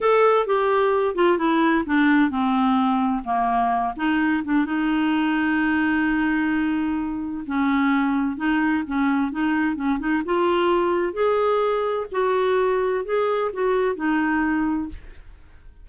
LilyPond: \new Staff \with { instrumentName = "clarinet" } { \time 4/4 \tempo 4 = 129 a'4 g'4. f'8 e'4 | d'4 c'2 ais4~ | ais8 dis'4 d'8 dis'2~ | dis'1 |
cis'2 dis'4 cis'4 | dis'4 cis'8 dis'8 f'2 | gis'2 fis'2 | gis'4 fis'4 dis'2 | }